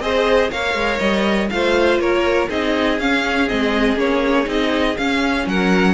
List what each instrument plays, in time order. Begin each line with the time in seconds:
0.00 cello C4, viola G#4, violin C5 D#5
0.50 cello A#3, viola A#4, violin C#5 F5
0.74 cello G#3
0.99 cello G3, violin D#5
1.50 cello A3, viola F4, violin C5 F5
1.99 cello A#3, violin A#4 C#5
2.49 cello C4, viola D#4, violin G#4 D#5
2.99 cello C#4, viola C#4, violin F5
3.48 cello G#3, viola C4, violin D#5
3.96 cello A#3, viola C#4, violin C#5
4.45 cello C4, viola D#4, violin D#5
4.97 cello C#4, viola C#4, violin F5
5.46 cello F#3, violin A#4 F#5